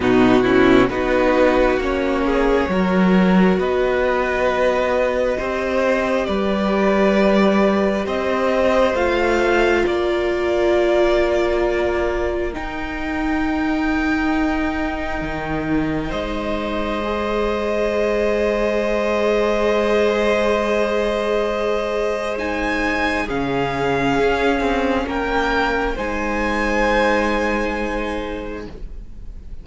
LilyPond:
<<
  \new Staff \with { instrumentName = "violin" } { \time 4/4 \tempo 4 = 67 fis'4 b'4 cis''2 | dis''2. d''4~ | d''4 dis''4 f''4 d''4~ | d''2 g''2~ |
g''2 dis''2~ | dis''1~ | dis''4 gis''4 f''2 | g''4 gis''2. | }
  \new Staff \with { instrumentName = "violin" } { \time 4/4 dis'8 e'8 fis'4. gis'8 ais'4 | b'2 c''4 b'4~ | b'4 c''2 ais'4~ | ais'1~ |
ais'2 c''2~ | c''1~ | c''2 gis'2 | ais'4 c''2. | }
  \new Staff \with { instrumentName = "viola" } { \time 4/4 b8 cis'8 dis'4 cis'4 fis'4~ | fis'2 g'2~ | g'2 f'2~ | f'2 dis'2~ |
dis'2. gis'4~ | gis'1~ | gis'4 dis'4 cis'2~ | cis'4 dis'2. | }
  \new Staff \with { instrumentName = "cello" } { \time 4/4 b,4 b4 ais4 fis4 | b2 c'4 g4~ | g4 c'4 a4 ais4~ | ais2 dis'2~ |
dis'4 dis4 gis2~ | gis1~ | gis2 cis4 cis'8 c'8 | ais4 gis2. | }
>>